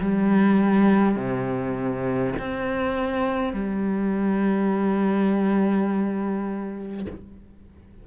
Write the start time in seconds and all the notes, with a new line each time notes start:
0.00 G3
1.16 C3
2.39 C4
3.53 G3